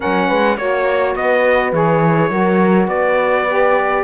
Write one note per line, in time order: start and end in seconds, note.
0.00 0.30 F#3
0.00 0.57 C#4
0.00 0.28 A#4
0.00 0.57 F#5
0.28 0.57 G#3
0.28 0.57 B4
0.57 1.15 A#3
0.57 1.73 F#4
0.57 1.15 C#5
1.15 1.72 B3
1.15 2.29 B4
1.15 1.73 D#5
1.72 2.30 E3
1.72 2.30 G#4
1.72 2.88 C#5
2.29 2.87 F#3
2.29 3.46 F#4
2.29 2.87 A#4
2.87 4.02 B3
2.87 4.02 B4
2.87 4.03 D5
3.48 4.03 G4